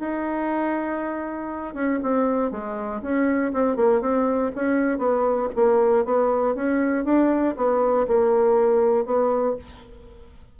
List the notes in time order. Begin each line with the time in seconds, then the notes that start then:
0.00 D#4
1.75 C#4
2.03 C4
2.52 G#3
3.02 C#4
3.53 C4
3.77 A#3
4.02 C4
4.56 C#4
4.99 B3
5.56 A#3
6.06 B3
6.55 C#4
7.05 D4
7.57 B3
8.08 A#3
9.06 B3